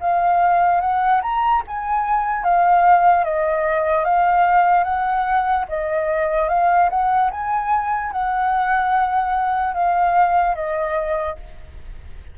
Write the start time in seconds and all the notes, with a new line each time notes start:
0.00 F5
0.80 F#5
1.22 A#5
1.67 G#5
2.44 F5
3.24 D#5
4.04 F5
4.84 F#5
5.68 D#5
6.49 F5
6.90 F#5
7.31 G#5
8.12 F#5
9.74 F5
10.55 D#5